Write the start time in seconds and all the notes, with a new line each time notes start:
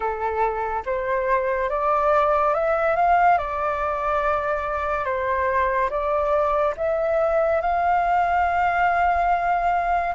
0.00 A4
0.85 C5
1.69 D5
2.54 E5
2.96 F5
3.38 D5
5.05 C5
5.90 D5
6.76 E5
7.61 F5